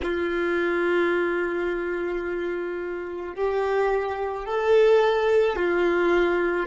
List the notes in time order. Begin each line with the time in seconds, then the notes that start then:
0.02 F4
3.35 G4
4.45 A4
5.56 F4